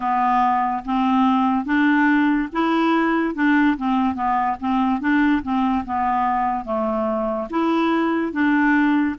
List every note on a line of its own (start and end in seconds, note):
0.00 0.83 B3
0.85 1.65 C4
1.65 2.48 D4
2.52 3.34 E4
3.34 3.76 D4
3.77 4.14 C4
4.14 4.56 B3
4.59 5.00 C4
5.00 5.42 D4
5.42 5.84 C4
5.85 6.64 B3
6.64 7.48 A3
7.50 8.32 E4
8.32 9.15 D4